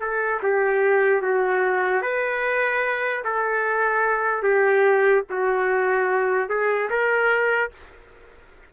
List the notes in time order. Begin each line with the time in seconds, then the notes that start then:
0.00 A4
0.42 G4
1.22 F#4
2.02 B4
3.24 A4
4.43 G4
5.30 F#4
6.49 G#4
6.90 A#4